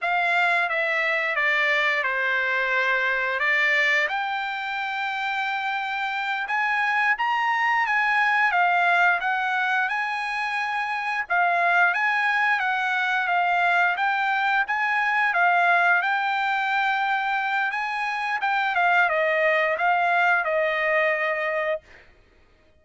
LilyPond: \new Staff \with { instrumentName = "trumpet" } { \time 4/4 \tempo 4 = 88 f''4 e''4 d''4 c''4~ | c''4 d''4 g''2~ | g''4. gis''4 ais''4 gis''8~ | gis''8 f''4 fis''4 gis''4.~ |
gis''8 f''4 gis''4 fis''4 f''8~ | f''8 g''4 gis''4 f''4 g''8~ | g''2 gis''4 g''8 f''8 | dis''4 f''4 dis''2 | }